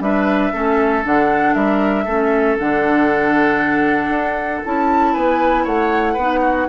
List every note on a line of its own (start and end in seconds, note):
0.00 0.51 G3
0.00 0.53 D4
0.00 0.53 B4
0.00 1.04 E5
0.53 1.05 A3
0.53 1.04 C#4
0.53 1.55 A4
1.04 1.55 D3
1.04 2.07 D4
1.04 1.54 F#5
1.54 2.06 G3
1.54 2.05 A#4
1.54 2.57 E5
2.05 2.57 A3
2.05 2.59 C#4
2.05 5.12 A4
2.59 4.09 D3
2.59 4.64 D4
2.59 4.65 F#5
4.09 4.61 D4
4.65 5.15 C#4
4.65 6.18 E4
4.65 5.14 A5
5.13 5.66 B3
5.13 5.64 B4
5.13 5.65 G#5
5.64 6.17 A3
5.64 6.14 C#5
5.64 6.69 F#5
6.14 6.68 B3
6.14 6.69 D#4
6.14 6.39 B4
6.42 6.67 F#4